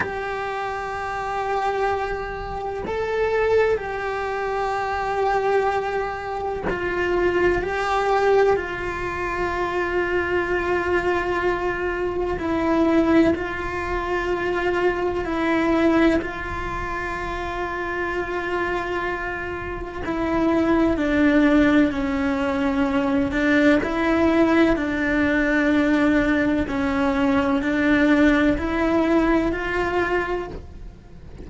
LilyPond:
\new Staff \with { instrumentName = "cello" } { \time 4/4 \tempo 4 = 63 g'2. a'4 | g'2. f'4 | g'4 f'2.~ | f'4 e'4 f'2 |
e'4 f'2.~ | f'4 e'4 d'4 cis'4~ | cis'8 d'8 e'4 d'2 | cis'4 d'4 e'4 f'4 | }